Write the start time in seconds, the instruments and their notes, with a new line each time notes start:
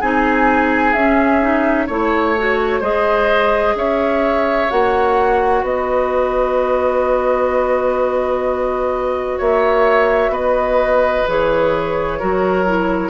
0.00 bassoon C4, clarinet D#4, oboe G#4, flute G#5
0.93 bassoon C#4, clarinet C#4, flute E5
1.41 clarinet D#4
1.86 bassoon A3, clarinet E4, oboe C#5, flute C#5
2.38 clarinet F#4
2.80 bassoon G#3, clarinet G#4, oboe C5, flute D#5
3.75 bassoon C#4, oboe C#5, flute E5
4.70 bassoon A#3, clarinet F#4, flute F#5
5.63 bassoon B3, oboe B4, flute D#5
9.37 bassoon A#3, oboe C#5, flute E5
10.29 bassoon B3, oboe B4, flute D#5
11.28 bassoon E3, clarinet G#4, flute C#5
12.19 bassoon F#3, clarinet F#4, oboe A#4
12.66 clarinet E4